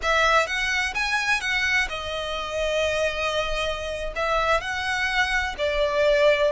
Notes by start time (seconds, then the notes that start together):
0.02 E5
0.46 F#5
0.94 G#5
1.40 F#5
1.89 D#5
4.15 E5
4.60 F#5
5.58 D5